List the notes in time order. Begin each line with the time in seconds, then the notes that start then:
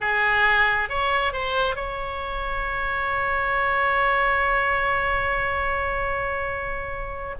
0.00 G#4
0.89 C#5
1.32 C5
1.75 C#5